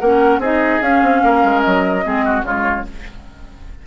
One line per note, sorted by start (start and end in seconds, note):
0.00 0.39 A#3
0.00 0.42 C#4
0.00 0.40 A#4
0.00 0.41 F#5
0.39 0.79 C4
0.39 0.83 D#4
0.39 1.21 G#4
0.39 0.82 D#5
0.82 1.03 C#4
0.82 2.03 C#4
0.82 1.62 F5
1.03 1.23 C4
1.23 1.44 A#3
1.23 2.04 A#4
1.44 1.64 G#3
1.62 2.06 F#3
1.62 2.43 D#5
2.03 2.43 G#3
2.03 2.43 C4
2.03 2.25 G#4
2.25 2.45 F#4
2.43 2.84 C#3
2.43 2.84 G#3
2.43 2.86 F4
2.43 2.87 C#5